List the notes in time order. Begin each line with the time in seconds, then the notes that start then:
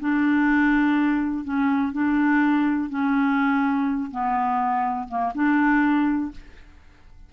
0.00 D4
1.44 C#4
1.93 D4
2.89 C#4
4.11 B3
5.08 A#3
5.34 D4